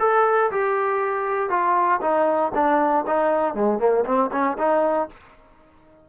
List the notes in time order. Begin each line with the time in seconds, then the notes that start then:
0.00 A4
0.52 G4
1.50 F4
2.01 D#4
2.55 D4
3.07 D#4
3.55 G#3
3.79 A#3
4.05 C4
4.32 C#4
4.58 D#4